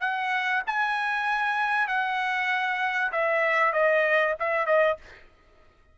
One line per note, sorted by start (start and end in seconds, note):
0.00 0.62 F#5
0.66 1.87 G#5
1.87 3.11 F#5
3.12 3.73 E5
3.73 4.34 D#5
4.39 4.66 E5
4.66 4.97 D#5